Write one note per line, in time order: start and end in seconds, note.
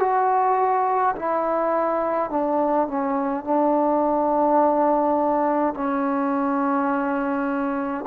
0.00 1.15 F#4
1.16 2.31 E4
2.31 2.88 D4
2.88 3.45 C#4
3.45 5.74 D4
5.74 8.05 C#4